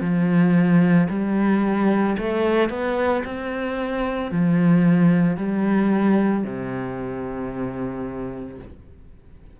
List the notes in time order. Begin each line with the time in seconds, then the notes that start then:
0.00 F3
1.09 G3
2.18 A3
2.69 B3
3.24 C4
4.31 F3
5.37 G3
6.44 C3